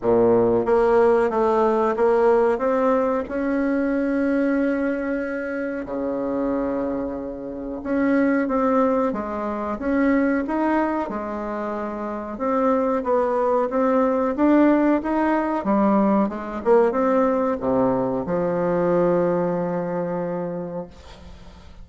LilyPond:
\new Staff \with { instrumentName = "bassoon" } { \time 4/4 \tempo 4 = 92 ais,4 ais4 a4 ais4 | c'4 cis'2.~ | cis'4 cis2. | cis'4 c'4 gis4 cis'4 |
dis'4 gis2 c'4 | b4 c'4 d'4 dis'4 | g4 gis8 ais8 c'4 c4 | f1 | }